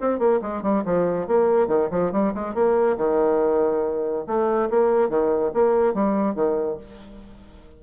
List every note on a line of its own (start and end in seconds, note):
0.00 0.18 C4
0.18 0.39 A#3
0.41 0.62 G#3
0.62 0.83 G3
0.85 1.27 F3
1.27 1.67 A#3
1.67 1.88 D#3
1.90 2.12 F3
2.12 2.33 G3
2.34 2.54 G#3
2.54 2.97 A#3
2.97 4.25 D#3
4.26 4.69 A3
4.69 5.09 A#3
5.09 5.51 D#3
5.53 5.94 A#3
5.94 6.34 G3
6.34 6.77 D#3